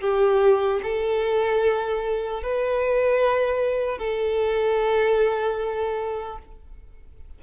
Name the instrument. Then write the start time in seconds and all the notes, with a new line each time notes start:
violin
0.00 G4
0.82 A4
2.42 B4
3.98 A4